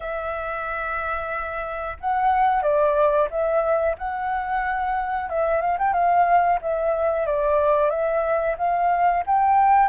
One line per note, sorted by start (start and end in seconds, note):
0.00 1.97 E5
2.00 2.62 F#5
2.62 3.28 D5
3.30 3.96 E5
3.97 5.29 F#5
5.29 5.61 E5
5.61 5.77 F5
5.78 5.93 G5
5.93 6.59 F5
6.61 7.26 E5
7.26 7.90 D5
7.90 8.56 E5
8.57 9.23 F5
9.26 9.89 G5